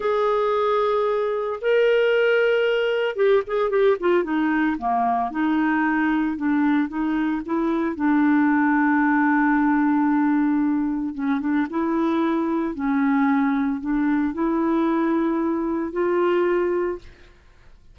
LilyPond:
\new Staff \with { instrumentName = "clarinet" } { \time 4/4 \tempo 4 = 113 gis'2. ais'4~ | ais'2 g'8 gis'8 g'8 f'8 | dis'4 ais4 dis'2 | d'4 dis'4 e'4 d'4~ |
d'1~ | d'4 cis'8 d'8 e'2 | cis'2 d'4 e'4~ | e'2 f'2 | }